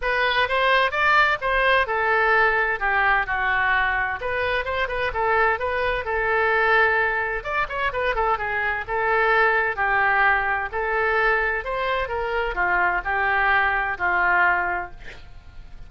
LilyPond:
\new Staff \with { instrumentName = "oboe" } { \time 4/4 \tempo 4 = 129 b'4 c''4 d''4 c''4 | a'2 g'4 fis'4~ | fis'4 b'4 c''8 b'8 a'4 | b'4 a'2. |
d''8 cis''8 b'8 a'8 gis'4 a'4~ | a'4 g'2 a'4~ | a'4 c''4 ais'4 f'4 | g'2 f'2 | }